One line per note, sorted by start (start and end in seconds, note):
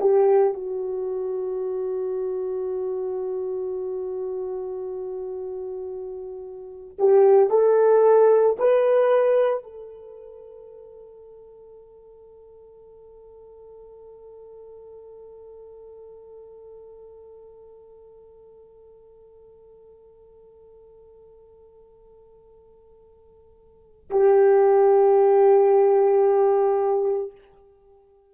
0.00 0.54 G4
0.54 6.97 F#4
6.99 7.50 G4
7.50 8.57 A4
8.59 9.63 B4
9.63 24.10 A4
24.11 27.32 G4